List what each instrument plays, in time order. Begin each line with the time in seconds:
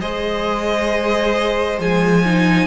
0.00 cello G#3, viola G#4, violin C5 D#5
1.78 cello F3, viola G#3, violin G#5
2.26 viola D#4